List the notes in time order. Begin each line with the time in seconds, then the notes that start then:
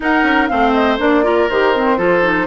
0.00 D#4 A#4 F#5
0.23 C#4
0.48 A3 C4 C5 F5
0.73 D#5
0.98 A#3 D4 D5
1.23 F4 A#4
1.49 D#3 G4 C5
1.75 C4
1.97 F3 F4 A4
2.23 D#4